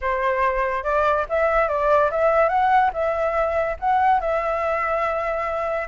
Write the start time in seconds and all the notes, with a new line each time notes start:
0.01 C5
0.83 D5
1.29 E5
1.68 D5
2.11 E5
2.48 F#5
2.93 E5
3.79 F#5
4.20 E5